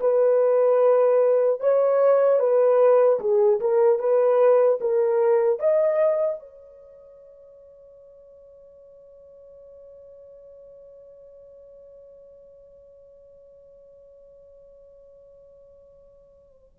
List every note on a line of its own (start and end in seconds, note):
0.00 1.60 B4
1.60 2.39 C#5
2.39 3.19 B4
3.20 3.60 G#4
3.60 3.99 A#4
3.99 4.79 B4
4.81 5.59 A#4
5.59 6.39 D#5
6.39 16.79 C#5